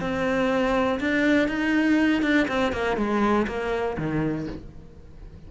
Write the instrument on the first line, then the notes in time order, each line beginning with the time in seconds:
cello
0.00 C4
1.00 D4
1.48 D#4
2.22 D4
2.47 C4
2.72 A#3
2.96 G#3
3.47 A#3
3.97 D#3